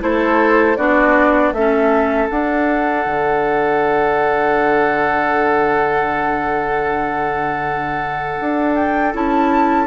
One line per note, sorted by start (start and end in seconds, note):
0.00 0.77 A3
0.00 0.76 E4
0.00 0.77 A4
0.00 0.76 C5
0.76 1.52 B3
0.76 1.54 D4
0.76 1.53 F#4
0.76 1.52 D5
1.52 2.28 A3
1.52 2.29 C#4
1.52 9.87 A4
1.52 2.28 E5
2.29 9.12 D4
2.29 3.06 D4
2.29 8.75 F#5
3.06 8.37 D3
8.40 9.14 D4
8.75 9.13 G5
9.13 9.87 C#4
9.13 9.87 E4
9.13 9.87 A5